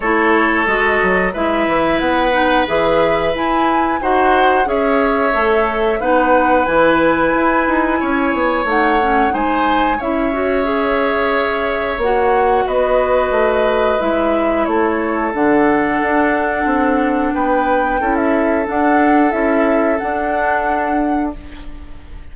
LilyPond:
<<
  \new Staff \with { instrumentName = "flute" } { \time 4/4 \tempo 4 = 90 cis''4 dis''4 e''4 fis''4 | e''4 gis''4 fis''4 e''4~ | e''4 fis''4 gis''2~ | gis''4 fis''4 gis''4 e''4~ |
e''2 fis''4 dis''4~ | dis''4 e''4 cis''4 fis''4~ | fis''2 g''4~ g''16 e''8. | fis''4 e''4 fis''2 | }
  \new Staff \with { instrumentName = "oboe" } { \time 4/4 a'2 b'2~ | b'2 c''4 cis''4~ | cis''4 b'2. | cis''2 c''4 cis''4~ |
cis''2. b'4~ | b'2 a'2~ | a'2 b'4 a'4~ | a'1 | }
  \new Staff \with { instrumentName = "clarinet" } { \time 4/4 e'4 fis'4 e'4. dis'8 | gis'4 e'4 fis'4 gis'4 | a'4 dis'4 e'2~ | e'4 dis'8 cis'8 dis'4 e'8 fis'8 |
gis'2 fis'2~ | fis'4 e'2 d'4~ | d'2. e'4 | d'4 e'4 d'2 | }
  \new Staff \with { instrumentName = "bassoon" } { \time 4/4 a4 gis8 fis8 gis8 e8 b4 | e4 e'4 dis'4 cis'4 | a4 b4 e4 e'8 dis'8 | cis'8 b8 a4 gis4 cis'4~ |
cis'2 ais4 b4 | a4 gis4 a4 d4 | d'4 c'4 b4 cis'4 | d'4 cis'4 d'2 | }
>>